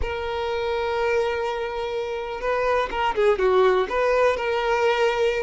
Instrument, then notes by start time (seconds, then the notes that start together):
violin
0.01 A#4
2.40 B4
2.90 A#4
3.15 G#4
3.38 F#4
3.89 B4
4.37 A#4